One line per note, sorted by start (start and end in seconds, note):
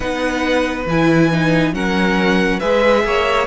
0.00 0.85 B3
0.00 0.87 D#4
0.00 1.73 B4
0.00 0.85 F#5
0.86 1.72 E3
0.86 1.32 E4
0.86 1.74 G#5
1.32 1.73 D#4
1.72 2.59 F#3
1.72 2.60 C#4
1.72 2.59 A#4
1.72 2.59 F#5
2.59 3.04 G#3
2.59 3.47 G#4
2.59 3.03 B4
2.59 3.46 E5
3.04 3.47 A#3
3.04 3.47 C#5